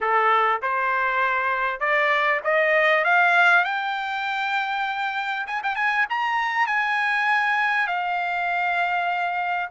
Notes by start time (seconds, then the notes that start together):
0.01 A4
0.62 C5
1.80 D5
2.44 D#5
3.04 F5
3.64 G5
5.47 G#5
5.63 G5
5.75 G#5
6.09 A#5
6.66 G#5
7.87 F5